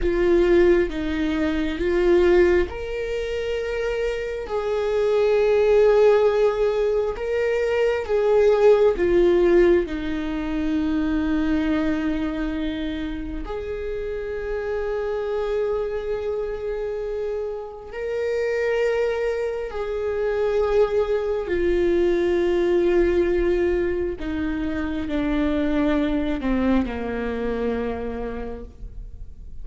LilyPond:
\new Staff \with { instrumentName = "viola" } { \time 4/4 \tempo 4 = 67 f'4 dis'4 f'4 ais'4~ | ais'4 gis'2. | ais'4 gis'4 f'4 dis'4~ | dis'2. gis'4~ |
gis'1 | ais'2 gis'2 | f'2. dis'4 | d'4. c'8 ais2 | }